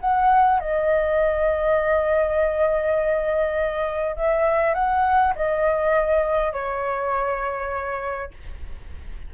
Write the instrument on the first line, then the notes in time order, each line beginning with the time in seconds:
flute
0.00 F#5
0.60 D#5
4.16 E5
4.74 F#5
5.35 D#5
6.52 C#5